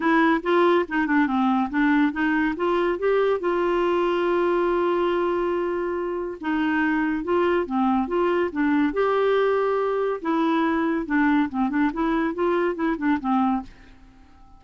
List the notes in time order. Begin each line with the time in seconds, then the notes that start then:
0.00 E4
0.43 F4
0.88 D#4
1.06 D4
1.26 C4
1.69 D4
2.12 D#4
2.56 F4
2.98 G4
3.39 F4
6.40 D#4
7.24 F4
7.65 C4
8.07 F4
8.52 D4
8.93 G4
10.21 E4
11.06 D4
11.49 C4
11.69 D4
11.93 E4
12.34 F4
12.75 E4
12.97 D4
13.20 C4